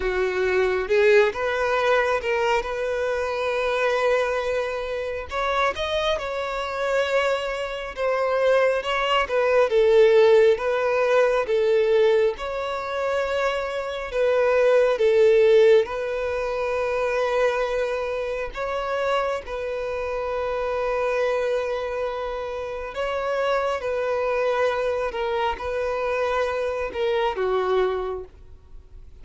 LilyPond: \new Staff \with { instrumentName = "violin" } { \time 4/4 \tempo 4 = 68 fis'4 gis'8 b'4 ais'8 b'4~ | b'2 cis''8 dis''8 cis''4~ | cis''4 c''4 cis''8 b'8 a'4 | b'4 a'4 cis''2 |
b'4 a'4 b'2~ | b'4 cis''4 b'2~ | b'2 cis''4 b'4~ | b'8 ais'8 b'4. ais'8 fis'4 | }